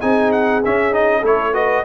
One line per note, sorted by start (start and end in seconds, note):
0.00 0.65 C4
0.00 0.62 D#4
0.00 1.20 G#4
0.00 0.32 G#5
0.32 0.63 F#5
0.65 0.91 C#4
0.65 1.23 C#4
0.65 0.94 E5
0.91 1.22 D#4
0.91 1.25 D#5
1.20 1.84 A3
1.20 1.54 E4
1.20 1.51 A4
1.26 1.54 C#5
1.54 1.84 F#4
1.54 1.84 B4
1.54 1.85 D#5